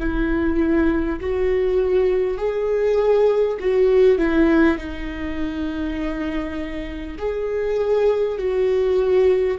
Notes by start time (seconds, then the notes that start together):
0.00 E4
1.21 F#4
2.38 G#4
3.60 F#4
4.18 E4
4.78 D#4
7.19 G#4
8.39 F#4